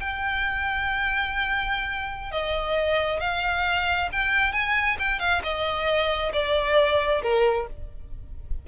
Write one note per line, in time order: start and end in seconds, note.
0.00 2.32 G5
2.32 3.21 D#5
3.21 4.09 F5
4.13 4.53 G5
4.53 4.97 G#5
4.99 5.20 G5
5.20 5.42 F5
5.43 6.32 D#5
6.33 7.22 D5
7.23 7.67 A#4